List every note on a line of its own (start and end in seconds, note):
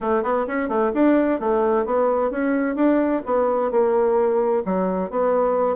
0.01 0.23 A3
0.23 0.46 B3
0.47 0.68 C#4
0.68 0.91 A3
0.94 1.40 D4
1.40 1.85 A3
1.85 2.31 B3
2.31 2.75 C#4
2.75 3.22 D4
3.25 3.71 B3
3.71 4.63 A#3
4.65 5.10 F#3
5.10 5.76 B3